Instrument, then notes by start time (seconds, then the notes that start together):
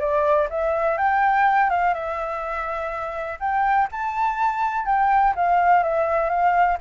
flute
0.00 D5
0.51 E5
0.98 G5
1.70 F5
1.94 E5
3.40 G5
3.92 A5
4.86 G5
5.36 F5
5.84 E5
6.30 F5